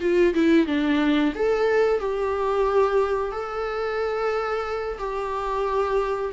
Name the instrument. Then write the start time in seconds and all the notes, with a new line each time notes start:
viola
0.00 F4
0.34 E4
0.66 D4
1.35 A4
1.99 G4
3.31 A4
4.98 G4